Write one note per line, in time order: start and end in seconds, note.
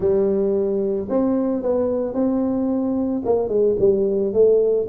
0.00 1.07 G3
1.09 1.62 C4
1.62 2.14 B3
2.14 3.22 C4
3.25 3.48 A#3
3.48 3.75 G#3
3.79 4.33 G3
4.33 4.87 A3